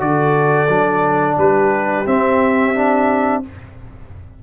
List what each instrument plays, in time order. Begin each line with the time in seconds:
0.00 tuba D3, trombone F#4, horn A4, trumpet D5
0.69 tuba F#3, trombone D4
1.38 tuba G3, horn G4, trumpet B4
2.06 trombone C4, tuba C4, trumpet E5
2.75 trombone D4